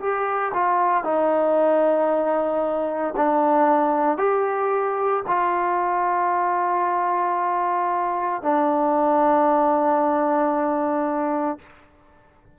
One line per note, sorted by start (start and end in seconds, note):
0.00 0.53 G4
0.54 1.04 F4
1.04 3.15 D#4
3.17 4.18 D4
4.18 5.23 G4
5.27 8.43 F4
8.43 11.58 D4